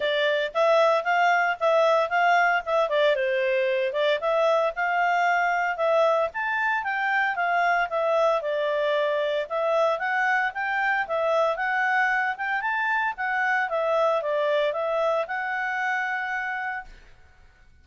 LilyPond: \new Staff \with { instrumentName = "clarinet" } { \time 4/4 \tempo 4 = 114 d''4 e''4 f''4 e''4 | f''4 e''8 d''8 c''4. d''8 | e''4 f''2 e''4 | a''4 g''4 f''4 e''4 |
d''2 e''4 fis''4 | g''4 e''4 fis''4. g''8 | a''4 fis''4 e''4 d''4 | e''4 fis''2. | }